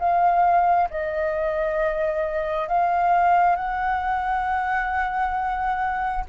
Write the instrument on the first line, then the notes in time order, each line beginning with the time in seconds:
flute
0.00 F5
0.90 D#5
2.69 F5
3.56 F#5